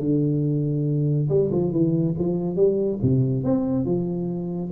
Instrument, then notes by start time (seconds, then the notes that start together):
tuba
0.00 D3
1.29 G3
1.52 F3
1.73 E3
2.19 F3
2.57 G3
3.03 C3
3.44 C4
3.86 F3